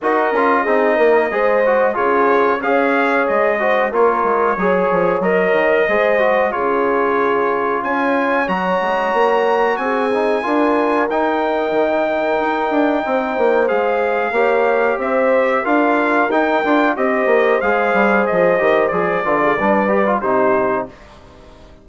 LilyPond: <<
  \new Staff \with { instrumentName = "trumpet" } { \time 4/4 \tempo 4 = 92 dis''2. cis''4 | f''4 dis''4 cis''2 | dis''2 cis''2 | gis''4 ais''2 gis''4~ |
gis''4 g''2.~ | g''4 f''2 e''4 | f''4 g''4 dis''4 f''4 | dis''4 d''2 c''4 | }
  \new Staff \with { instrumentName = "horn" } { \time 4/4 ais'4 gis'8 ais'8 c''4 gis'4 | cis''4. c''8 ais'4 cis''4~ | cis''4 c''4 gis'2 | cis''2. gis'4 |
ais'1 | c''2 cis''4 c''4 | ais'2 c''2~ | c''4. b'16 gis'16 b'4 g'4 | }
  \new Staff \with { instrumentName = "trombone" } { \time 4/4 fis'8 f'8 dis'4 gis'8 fis'8 f'4 | gis'4. fis'8 f'4 gis'4 | ais'4 gis'8 fis'8 f'2~ | f'4 fis'2~ fis'8 dis'8 |
f'4 dis'2.~ | dis'4 gis'4 g'2 | f'4 dis'8 f'8 g'4 gis'4~ | gis'8 g'8 gis'8 f'8 d'8 g'16 f'16 dis'4 | }
  \new Staff \with { instrumentName = "bassoon" } { \time 4/4 dis'8 cis'8 c'8 ais8 gis4 cis4 | cis'4 gis4 ais8 gis8 fis8 f8 | fis8 dis8 gis4 cis2 | cis'4 fis8 gis8 ais4 c'4 |
d'4 dis'4 dis4 dis'8 d'8 | c'8 ais8 gis4 ais4 c'4 | d'4 dis'8 d'8 c'8 ais8 gis8 g8 | f8 dis8 f8 d8 g4 c4 | }
>>